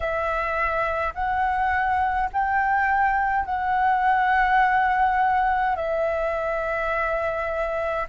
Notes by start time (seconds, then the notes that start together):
0.00 E5
1.14 F#5
2.32 G5
3.45 F#5
5.76 E5